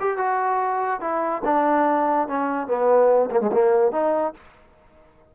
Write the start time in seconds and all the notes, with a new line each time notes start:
0.00 G4
0.17 F#4
1.00 E4
1.44 D4
2.27 C#4
2.67 B3
3.31 A#3
3.40 G#3
3.52 A#3
3.91 D#4